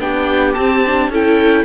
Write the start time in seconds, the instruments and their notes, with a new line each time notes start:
0.00 cello B3, viola D4 G4, oboe G5
0.54 viola C4, cello C4, oboe A5
0.86 viola D4
1.09 cello C#4, viola E4 A4, oboe G5